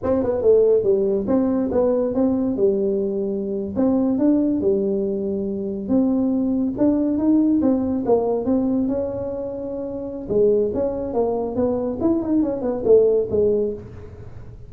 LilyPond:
\new Staff \with { instrumentName = "tuba" } { \time 4/4 \tempo 4 = 140 c'8 b8 a4 g4 c'4 | b4 c'4 g2~ | g8. c'4 d'4 g4~ g16~ | g4.~ g16 c'2 d'16~ |
d'8. dis'4 c'4 ais4 c'16~ | c'8. cis'2.~ cis'16 | gis4 cis'4 ais4 b4 | e'8 dis'8 cis'8 b8 a4 gis4 | }